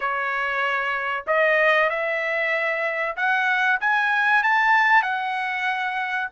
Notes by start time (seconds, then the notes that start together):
0.00 C#5
1.26 D#5
1.89 E5
3.16 F#5
3.80 G#5
4.43 A5
5.02 F#5